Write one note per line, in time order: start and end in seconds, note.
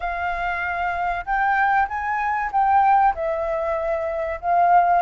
0.00 1.25 F5
1.25 1.88 G5
1.88 2.51 G#5
2.52 3.14 G5
3.14 4.39 E5
4.40 5.02 F5